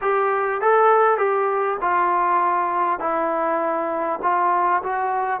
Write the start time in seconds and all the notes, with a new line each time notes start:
0.01 G4
0.61 A4
1.17 G4
1.81 F4
2.99 E4
4.22 F4
4.83 F#4